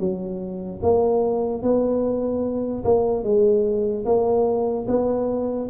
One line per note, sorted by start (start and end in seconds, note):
0.00 0.81 F#3
0.83 1.63 A#3
1.63 2.85 B3
2.85 3.24 A#3
3.24 4.05 G#3
4.06 4.87 A#3
4.88 5.69 B3